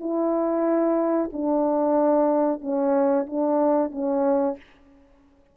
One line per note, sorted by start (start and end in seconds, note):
0.00 1.30 E4
1.33 2.61 D4
2.61 3.26 C#4
3.27 3.92 D4
3.92 4.57 C#4